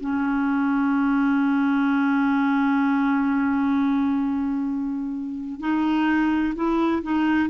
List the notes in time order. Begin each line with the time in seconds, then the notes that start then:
0.00 C#4
5.60 D#4
6.55 E4
7.02 D#4